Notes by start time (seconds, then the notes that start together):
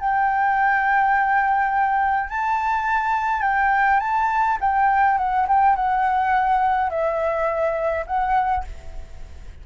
0.00 G5
2.30 A5
3.42 G5
4.00 A5
4.61 G5
5.18 F#5
5.48 G5
5.76 F#5
6.90 E5
8.07 F#5